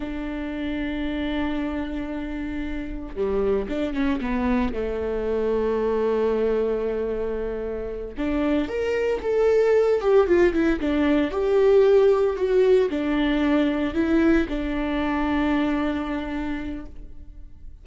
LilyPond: \new Staff \with { instrumentName = "viola" } { \time 4/4 \tempo 4 = 114 d'1~ | d'2 g4 d'8 cis'8 | b4 a2.~ | a2.~ a8 d'8~ |
d'8 ais'4 a'4. g'8 f'8 | e'8 d'4 g'2 fis'8~ | fis'8 d'2 e'4 d'8~ | d'1 | }